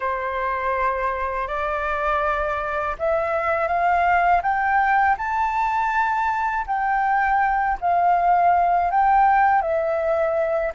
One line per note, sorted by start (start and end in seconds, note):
0.00 1.47 C5
1.47 2.96 D5
2.98 3.67 E5
3.67 4.41 F5
4.42 5.16 G5
5.17 6.65 A5
6.67 7.78 G5
7.80 8.90 F5
8.90 9.61 G5
9.61 10.72 E5